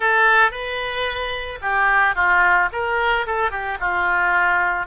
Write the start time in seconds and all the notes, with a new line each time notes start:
0.00 A4
0.51 B4
1.61 G4
2.15 F4
2.72 A#4
3.26 A4
3.50 G4
3.80 F4